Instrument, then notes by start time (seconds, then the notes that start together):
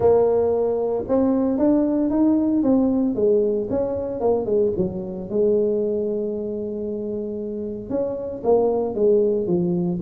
tuba
0.00 A#3
1.08 C4
1.58 D4
2.10 D#4
2.62 C4
3.15 G#3
3.70 C#4
4.20 A#3
4.45 G#3
4.76 F#3
5.29 G#3
7.89 C#4
8.43 A#3
8.94 G#3
9.47 F3